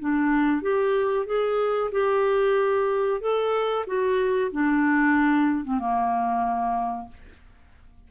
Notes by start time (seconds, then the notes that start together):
0.00 D4
0.62 G4
1.27 G#4
1.92 G4
3.21 A4
3.87 F#4
4.52 D4
5.65 C4
5.80 A#3